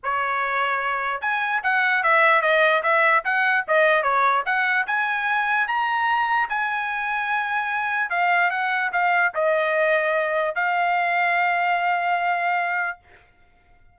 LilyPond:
\new Staff \with { instrumentName = "trumpet" } { \time 4/4 \tempo 4 = 148 cis''2. gis''4 | fis''4 e''4 dis''4 e''4 | fis''4 dis''4 cis''4 fis''4 | gis''2 ais''2 |
gis''1 | f''4 fis''4 f''4 dis''4~ | dis''2 f''2~ | f''1 | }